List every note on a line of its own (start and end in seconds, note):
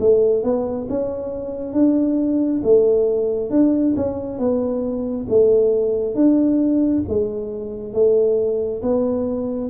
0.00 0.43 A3
0.43 0.87 B3
0.90 1.73 C#4
1.73 2.61 D4
2.64 3.51 A3
3.51 3.95 D4
3.96 4.39 C#4
4.39 5.27 B3
5.29 6.15 A3
6.15 7.03 D4
7.08 7.94 G#3
7.94 8.82 A3
8.83 9.71 B3